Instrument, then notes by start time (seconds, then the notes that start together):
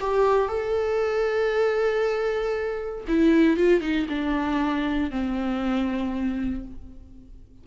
viola
0.00 G4
0.48 A4
3.07 E4
3.57 F4
3.81 D#4
4.09 D4
5.10 C4